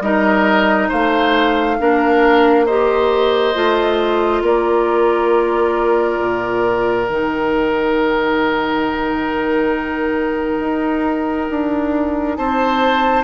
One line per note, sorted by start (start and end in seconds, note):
0.00 0.88 G3
0.00 1.79 D#4
0.00 0.88 A#4
0.00 0.89 D#5
0.88 1.80 A3
0.88 1.77 C5
0.88 2.66 F5
1.79 3.55 A#3
1.79 2.67 D4
1.79 2.66 A#4
2.66 3.54 G4
2.66 4.42 C5
2.66 4.43 D#5
3.54 4.42 A3
3.54 7.07 F4
4.42 6.18 A#3
4.42 12.37 A#4
4.42 7.08 D5
6.20 7.08 A#2
7.08 10.59 D#3
7.08 13.24 D#4
7.08 12.36 G5
10.59 11.48 D#4
11.50 12.37 D4
12.36 13.24 C4
12.36 13.24 C5
12.36 13.24 A5